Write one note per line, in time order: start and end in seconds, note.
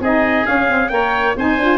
0.00 0.45 C4
0.00 0.45 D#4
0.00 0.92 G#4
0.00 0.46 D#5
0.45 0.68 C#4
0.45 0.90 C#4
0.45 0.89 F5
0.69 0.91 C4
0.89 1.35 A#3
0.89 1.37 A#4
0.89 1.37 C#5
0.89 1.34 G5
1.36 1.58 C4
1.36 1.61 D#4
1.36 1.78 C5
1.36 1.78 G#5
1.58 1.78 D4
1.58 1.78 F4